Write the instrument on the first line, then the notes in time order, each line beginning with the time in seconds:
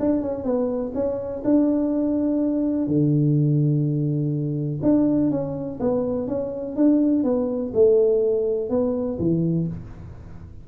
tuba
0.00 D4
0.22 C#4
0.44 B3
0.95 C#4
1.45 D4
2.87 D3
4.83 D4
5.31 C#4
5.80 B3
6.28 C#4
6.77 D4
7.24 B3
7.74 A3
8.70 B3
9.19 E3